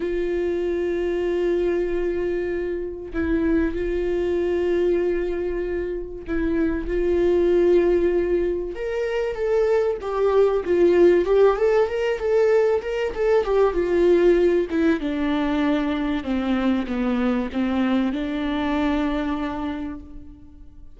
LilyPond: \new Staff \with { instrumentName = "viola" } { \time 4/4 \tempo 4 = 96 f'1~ | f'4 e'4 f'2~ | f'2 e'4 f'4~ | f'2 ais'4 a'4 |
g'4 f'4 g'8 a'8 ais'8 a'8~ | a'8 ais'8 a'8 g'8 f'4. e'8 | d'2 c'4 b4 | c'4 d'2. | }